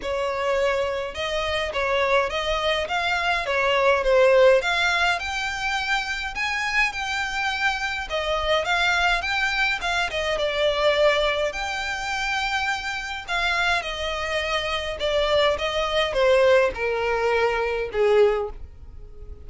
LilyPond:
\new Staff \with { instrumentName = "violin" } { \time 4/4 \tempo 4 = 104 cis''2 dis''4 cis''4 | dis''4 f''4 cis''4 c''4 | f''4 g''2 gis''4 | g''2 dis''4 f''4 |
g''4 f''8 dis''8 d''2 | g''2. f''4 | dis''2 d''4 dis''4 | c''4 ais'2 gis'4 | }